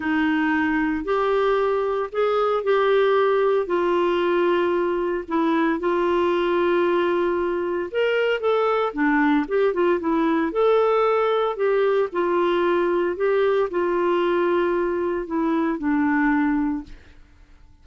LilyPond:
\new Staff \with { instrumentName = "clarinet" } { \time 4/4 \tempo 4 = 114 dis'2 g'2 | gis'4 g'2 f'4~ | f'2 e'4 f'4~ | f'2. ais'4 |
a'4 d'4 g'8 f'8 e'4 | a'2 g'4 f'4~ | f'4 g'4 f'2~ | f'4 e'4 d'2 | }